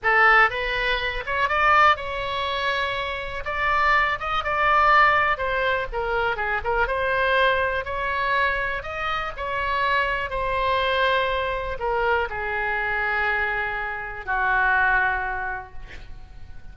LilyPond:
\new Staff \with { instrumentName = "oboe" } { \time 4/4 \tempo 4 = 122 a'4 b'4. cis''8 d''4 | cis''2. d''4~ | d''8 dis''8 d''2 c''4 | ais'4 gis'8 ais'8 c''2 |
cis''2 dis''4 cis''4~ | cis''4 c''2. | ais'4 gis'2.~ | gis'4 fis'2. | }